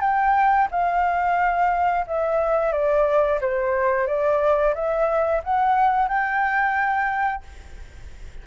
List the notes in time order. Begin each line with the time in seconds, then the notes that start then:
0.00 G5
0.70 F5
2.07 E5
2.72 D5
3.41 C5
4.07 D5
4.74 E5
5.44 F#5
6.08 G5